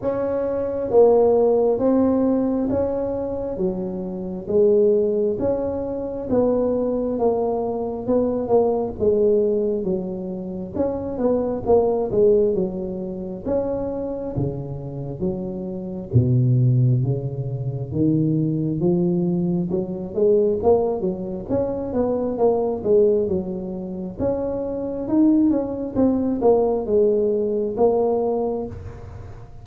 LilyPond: \new Staff \with { instrumentName = "tuba" } { \time 4/4 \tempo 4 = 67 cis'4 ais4 c'4 cis'4 | fis4 gis4 cis'4 b4 | ais4 b8 ais8 gis4 fis4 | cis'8 b8 ais8 gis8 fis4 cis'4 |
cis4 fis4 b,4 cis4 | dis4 f4 fis8 gis8 ais8 fis8 | cis'8 b8 ais8 gis8 fis4 cis'4 | dis'8 cis'8 c'8 ais8 gis4 ais4 | }